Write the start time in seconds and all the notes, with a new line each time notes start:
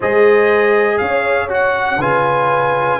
0.00 G#3 G#4 C5 D#5
0.97 C#4 C#5 F5
1.49 F#4 F#5
1.97 C#3 F4 B4 G#5